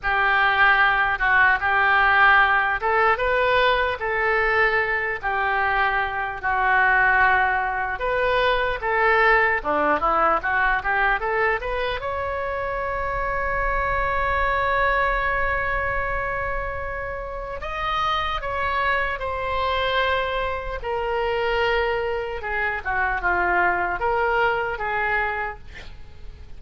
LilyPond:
\new Staff \with { instrumentName = "oboe" } { \time 4/4 \tempo 4 = 75 g'4. fis'8 g'4. a'8 | b'4 a'4. g'4. | fis'2 b'4 a'4 | d'8 e'8 fis'8 g'8 a'8 b'8 cis''4~ |
cis''1~ | cis''2 dis''4 cis''4 | c''2 ais'2 | gis'8 fis'8 f'4 ais'4 gis'4 | }